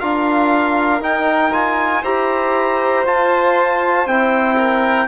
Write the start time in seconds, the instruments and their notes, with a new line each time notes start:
0.00 bassoon D4, trombone F4, violin A#4, trumpet F5
1.00 trombone D#4, bassoon D#4, trumpet G5
1.53 trombone F4, trumpet G#5
2.01 bassoon E4, trombone G4, violin C5, trumpet A#5
3.06 trombone F4, bassoon F4, trumpet A5
4.07 bassoon C4, trombone E4, trumpet G5
4.57 violin A#4